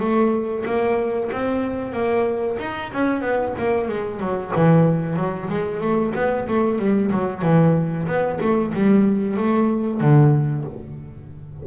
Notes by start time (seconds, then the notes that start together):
0.00 A3
0.66 A#3
1.33 C4
1.93 A#3
2.60 D#4
2.93 C#4
3.22 B3
3.59 A#3
3.89 G#3
4.20 F#3
4.56 E3
5.16 F#3
5.49 G#3
5.81 A3
6.15 B3
6.48 A3
6.79 G3
7.12 F#3
7.42 E3
8.07 B3
8.41 A3
8.74 G3
9.38 A3
10.01 D3